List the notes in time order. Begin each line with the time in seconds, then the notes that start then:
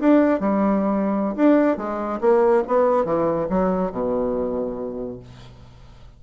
0.00 D4
0.40 G3
1.36 D4
1.77 G#3
2.21 A#3
2.68 B3
3.05 E3
3.49 F#3
3.91 B2